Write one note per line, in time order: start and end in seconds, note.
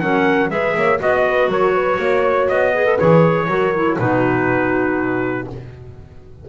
0.00 0.50 F#3
0.00 0.49 C#4
0.00 0.51 A#4
0.00 0.50 F#5
0.49 0.75 G#3
0.49 0.99 G#4
0.49 0.76 B4
0.49 1.00 E5
0.75 1.00 A#3
0.75 1.01 C#5
0.99 1.48 B3
0.99 2.73 F#4
0.99 1.26 D#5
0.99 1.51 D#5
1.27 1.50 B4
1.48 1.98 F#3
1.48 1.74 A#4
1.48 2.48 C#5
1.74 1.99 B4
1.99 2.48 A#3
1.99 2.73 C#5
2.48 2.99 B3
2.48 2.98 D#5
2.73 2.85 G#4
2.73 3.47 B4
2.85 2.98 A4
2.98 3.48 E3
2.98 3.48 G#4
2.98 3.98 C#5
3.48 3.97 F#3
3.48 3.74 F#4
3.48 3.99 A#4
3.74 3.99 E4
3.98 5.47 B2
3.98 5.48 D#4
3.98 5.49 F#4
3.98 5.48 B4